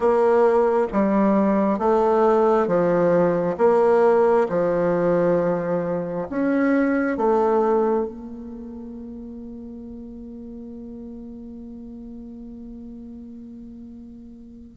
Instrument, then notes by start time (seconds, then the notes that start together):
bassoon
0.00 A#3
0.92 G3
1.79 A3
2.67 F3
3.57 A#3
4.49 F3
6.29 C#4
7.17 A3
8.06 A#3